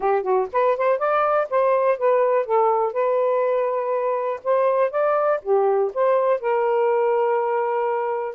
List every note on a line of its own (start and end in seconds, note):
0.00 0.22 G4
0.22 0.47 F#4
0.52 0.77 B4
0.77 0.98 C5
0.98 1.47 D5
1.50 1.97 C5
1.97 2.45 B4
2.45 2.92 A4
2.92 4.40 B4
4.44 4.90 C5
4.90 5.39 D5
5.42 5.91 G4
5.94 6.40 C5
6.40 8.35 A#4